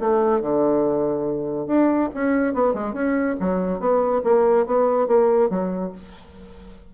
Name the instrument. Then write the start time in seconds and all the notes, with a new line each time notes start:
bassoon
0.00 A3
0.41 D3
1.67 D4
2.15 C#4
2.54 B3
2.74 G#3
2.94 C#4
3.40 F#3
3.80 B3
4.24 A#3
4.66 B3
5.08 A#3
5.50 F#3